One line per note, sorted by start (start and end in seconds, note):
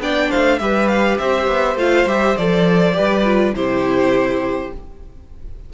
0.00 0.29 B3
0.00 0.60 D4
0.00 0.30 D5
0.00 0.31 G5
0.30 0.60 A3
0.30 0.59 C5
0.30 0.59 F5
0.59 1.19 G3
0.59 1.78 G4
0.59 1.20 B4
0.59 0.88 E5
0.88 1.17 F5
1.18 1.47 C4
1.18 2.96 C5
1.18 1.77 E5
1.47 1.76 B3
1.76 2.05 A3
1.76 2.07 F4
1.76 2.08 F5
2.06 2.35 G3
2.06 2.36 G4
2.06 2.37 E5
2.37 2.98 F3
2.37 2.93 A4
2.37 3.55 D5
2.93 3.53 G3
2.93 3.22 G4
2.93 3.55 B4
3.25 3.55 F4
3.53 4.70 C3
3.53 4.73 E4
3.53 4.73 G4
3.53 4.73 C5